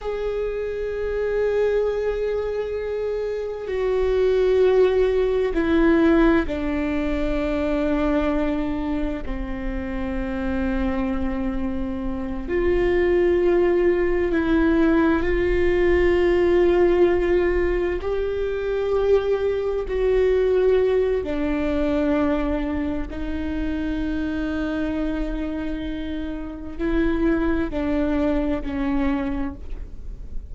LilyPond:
\new Staff \with { instrumentName = "viola" } { \time 4/4 \tempo 4 = 65 gis'1 | fis'2 e'4 d'4~ | d'2 c'2~ | c'4. f'2 e'8~ |
e'8 f'2. g'8~ | g'4. fis'4. d'4~ | d'4 dis'2.~ | dis'4 e'4 d'4 cis'4 | }